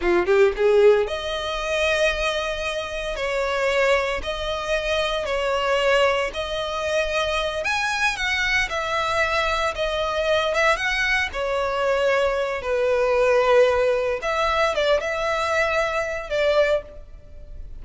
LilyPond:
\new Staff \with { instrumentName = "violin" } { \time 4/4 \tempo 4 = 114 f'8 g'8 gis'4 dis''2~ | dis''2 cis''2 | dis''2 cis''2 | dis''2~ dis''8 gis''4 fis''8~ |
fis''8 e''2 dis''4. | e''8 fis''4 cis''2~ cis''8 | b'2. e''4 | d''8 e''2~ e''8 d''4 | }